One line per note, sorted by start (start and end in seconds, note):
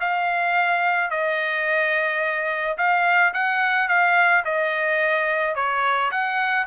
0.00 1.10 F5
1.10 2.77 D#5
2.77 3.33 F5
3.33 3.88 F#5
3.88 4.44 F5
4.44 5.55 D#5
5.55 6.10 C#5
6.11 6.67 F#5